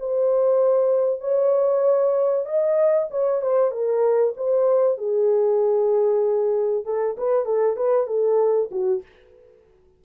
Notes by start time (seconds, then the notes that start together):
0.00 C5
1.21 C#5
2.46 D#5
3.11 C#5
3.42 C5
3.71 A#4
4.37 C5
4.98 G#4
6.85 A4
7.18 B4
7.45 A4
7.77 B4
8.07 A4
8.71 F#4